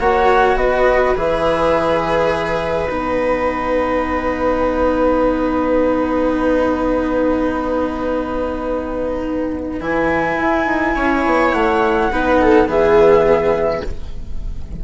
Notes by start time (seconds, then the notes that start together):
0.00 A#3 F#4 C#5 F#5
0.56 B3 B4 D#5
1.16 E3 G#4 E5
2.89 B3 D#4 F#5
9.81 E3 E4 G#5
10.37 E4
10.66 D#4
10.96 C#4 C#5
11.26 B3
11.53 A3 F#5
12.12 B3 D#4 B4
12.41 A4
12.67 E3 B3 G#4 E5